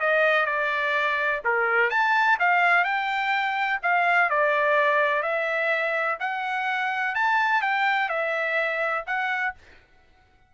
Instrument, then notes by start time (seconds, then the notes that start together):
trumpet
0.00 D#5
0.46 D5
1.45 A#4
1.90 A5
2.39 F5
2.84 G5
3.83 F5
4.30 D5
5.23 E5
6.20 F#5
7.15 A5
7.62 G5
8.09 E5
9.07 F#5